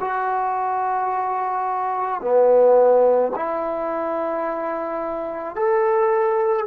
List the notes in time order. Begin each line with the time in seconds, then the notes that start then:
0.00 F#4
2.21 B3
3.35 E4
5.56 A4